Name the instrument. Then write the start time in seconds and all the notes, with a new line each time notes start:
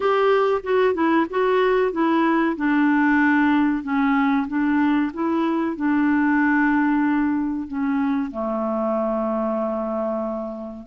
clarinet
0.00 G4
0.63 F#4
0.94 E4
1.29 F#4
1.92 E4
2.56 D4
3.83 C#4
4.47 D4
5.13 E4
5.76 D4
7.67 C#4
8.31 A3